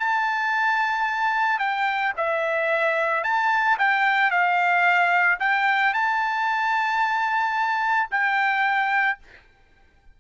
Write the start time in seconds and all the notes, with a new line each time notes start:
0.00 A5
1.59 G5
2.17 E5
3.24 A5
3.79 G5
4.31 F5
5.40 G5
5.94 A5
8.11 G5